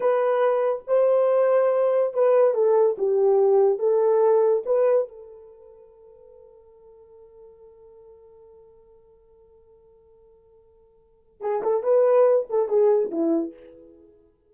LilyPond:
\new Staff \with { instrumentName = "horn" } { \time 4/4 \tempo 4 = 142 b'2 c''2~ | c''4 b'4 a'4 g'4~ | g'4 a'2 b'4 | a'1~ |
a'1~ | a'1~ | a'2. gis'8 a'8 | b'4. a'8 gis'4 e'4 | }